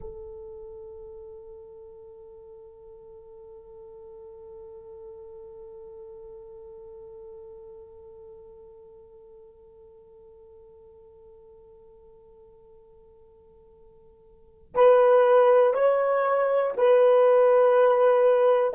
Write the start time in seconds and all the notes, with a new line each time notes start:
0.00 A4
14.74 B4
15.73 C#5
16.76 B4